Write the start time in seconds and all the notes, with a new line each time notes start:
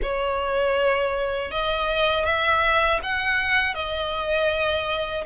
0.02 C#5
1.51 D#5
2.25 E5
3.02 F#5
3.74 D#5